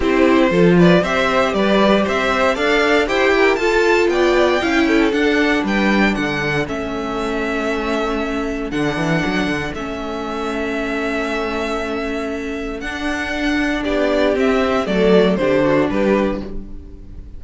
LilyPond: <<
  \new Staff \with { instrumentName = "violin" } { \time 4/4 \tempo 4 = 117 c''4. d''8 e''4 d''4 | e''4 f''4 g''4 a''4 | g''2 fis''4 g''4 | fis''4 e''2.~ |
e''4 fis''2 e''4~ | e''1~ | e''4 fis''2 d''4 | e''4 d''4 c''4 b'4 | }
  \new Staff \with { instrumentName = "violin" } { \time 4/4 g'4 a'8 b'8 c''4 b'4 | c''4 d''4 c''8 ais'8 a'4 | d''4 f''8 a'4. b'4 | a'1~ |
a'1~ | a'1~ | a'2. g'4~ | g'4 a'4 g'8 fis'8 g'4 | }
  \new Staff \with { instrumentName = "viola" } { \time 4/4 e'4 f'4 g'2~ | g'4 a'4 g'4 f'4~ | f'4 e'4 d'2~ | d'4 cis'2.~ |
cis'4 d'2 cis'4~ | cis'1~ | cis'4 d'2. | c'4 a4 d'2 | }
  \new Staff \with { instrumentName = "cello" } { \time 4/4 c'4 f4 c'4 g4 | c'4 d'4 e'4 f'4 | b4 cis'4 d'4 g4 | d4 a2.~ |
a4 d8 e8 fis8 d8 a4~ | a1~ | a4 d'2 b4 | c'4 fis4 d4 g4 | }
>>